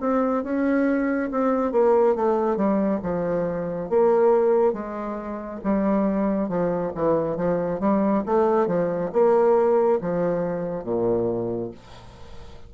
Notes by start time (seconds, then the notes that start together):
0.00 C4
0.43 C#4
1.31 C4
1.72 A#3
2.15 A3
2.57 G3
3.02 F3
3.89 A#3
4.73 G#3
5.64 G3
6.48 F3
6.95 E3
7.37 F3
7.80 G3
8.26 A3
8.67 F3
9.13 A#3
10.01 F3
10.84 A#2